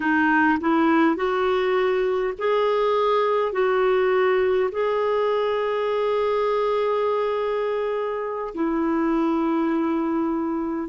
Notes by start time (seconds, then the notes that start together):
0.00 D#4
0.60 E4
1.16 F#4
2.38 G#4
3.52 F#4
4.71 G#4
8.54 E4